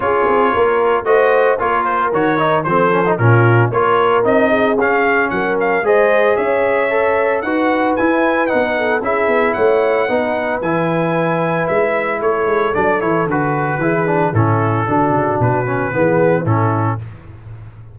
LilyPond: <<
  \new Staff \with { instrumentName = "trumpet" } { \time 4/4 \tempo 4 = 113 cis''2 dis''4 cis''8 c''8 | cis''4 c''4 ais'4 cis''4 | dis''4 f''4 fis''8 f''8 dis''4 | e''2 fis''4 gis''4 |
fis''4 e''4 fis''2 | gis''2 e''4 cis''4 | d''8 cis''8 b'2 a'4~ | a'4 b'2 a'4 | }
  \new Staff \with { instrumentName = "horn" } { \time 4/4 gis'4 ais'4 c''4 ais'4~ | ais'4 a'4 f'4 ais'4~ | ais'8 gis'4. ais'4 c''4 | cis''2 b'2~ |
b'8 a'8 gis'4 cis''4 b'4~ | b'2. a'4~ | a'2 gis'4 e'4 | fis'2 gis'4 e'4 | }
  \new Staff \with { instrumentName = "trombone" } { \time 4/4 f'2 fis'4 f'4 | fis'8 dis'8 c'8 cis'16 dis'16 cis'4 f'4 | dis'4 cis'2 gis'4~ | gis'4 a'4 fis'4 e'4 |
dis'4 e'2 dis'4 | e'1 | d'8 e'8 fis'4 e'8 d'8 cis'4 | d'4. cis'8 b4 cis'4 | }
  \new Staff \with { instrumentName = "tuba" } { \time 4/4 cis'8 c'8 ais4 a4 ais4 | dis4 f4 ais,4 ais4 | c'4 cis'4 fis4 gis4 | cis'2 dis'4 e'4 |
b4 cis'8 b8 a4 b4 | e2 gis4 a8 gis8 | fis8 e8 d4 e4 a,4 | d8 cis8 b,4 e4 a,4 | }
>>